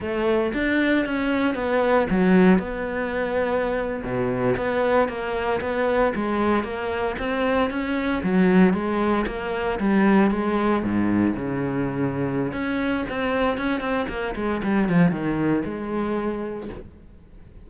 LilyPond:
\new Staff \with { instrumentName = "cello" } { \time 4/4 \tempo 4 = 115 a4 d'4 cis'4 b4 | fis4 b2~ b8. b,16~ | b,8. b4 ais4 b4 gis16~ | gis8. ais4 c'4 cis'4 fis16~ |
fis8. gis4 ais4 g4 gis16~ | gis8. gis,4 cis2~ cis16 | cis'4 c'4 cis'8 c'8 ais8 gis8 | g8 f8 dis4 gis2 | }